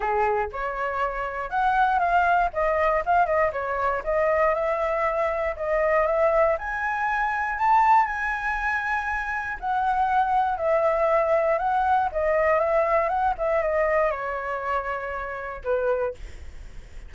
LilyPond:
\new Staff \with { instrumentName = "flute" } { \time 4/4 \tempo 4 = 119 gis'4 cis''2 fis''4 | f''4 dis''4 f''8 dis''8 cis''4 | dis''4 e''2 dis''4 | e''4 gis''2 a''4 |
gis''2. fis''4~ | fis''4 e''2 fis''4 | dis''4 e''4 fis''8 e''8 dis''4 | cis''2. b'4 | }